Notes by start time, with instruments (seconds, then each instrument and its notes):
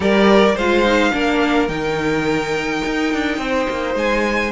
0.00 cello G3, viola G4, violin A#4 D5
0.55 cello G#3, viola F4, violin C5 F5
0.85 viola D#4
1.11 cello A#3, viola D4, violin A#4
1.68 cello D#3, viola D#4, violin G5
2.85 cello D#4
3.13 cello D4
3.37 cello C4, violin C5
3.69 cello A#3
3.94 cello G#3, violin G#5